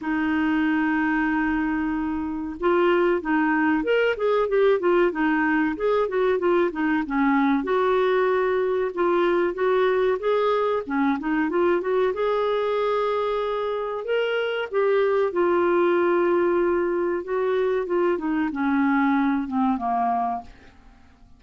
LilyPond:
\new Staff \with { instrumentName = "clarinet" } { \time 4/4 \tempo 4 = 94 dis'1 | f'4 dis'4 ais'8 gis'8 g'8 f'8 | dis'4 gis'8 fis'8 f'8 dis'8 cis'4 | fis'2 f'4 fis'4 |
gis'4 cis'8 dis'8 f'8 fis'8 gis'4~ | gis'2 ais'4 g'4 | f'2. fis'4 | f'8 dis'8 cis'4. c'8 ais4 | }